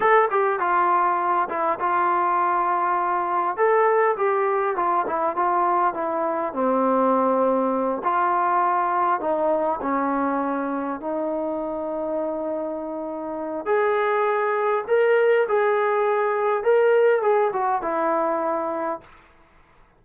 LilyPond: \new Staff \with { instrumentName = "trombone" } { \time 4/4 \tempo 4 = 101 a'8 g'8 f'4. e'8 f'4~ | f'2 a'4 g'4 | f'8 e'8 f'4 e'4 c'4~ | c'4. f'2 dis'8~ |
dis'8 cis'2 dis'4.~ | dis'2. gis'4~ | gis'4 ais'4 gis'2 | ais'4 gis'8 fis'8 e'2 | }